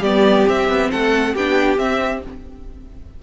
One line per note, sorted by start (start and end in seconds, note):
0.00 0.45 G3
0.00 0.47 B3
0.00 0.89 G4
0.00 0.47 D5
0.47 1.36 C4
0.47 0.68 C4
0.47 0.91 E5
0.68 0.91 B3
0.91 1.35 A3
0.91 1.33 A4
0.91 1.35 F#5
1.33 1.78 B3
1.33 1.77 D4
1.33 2.22 G4
1.33 1.78 G5
1.77 2.22 C4
1.77 2.23 E5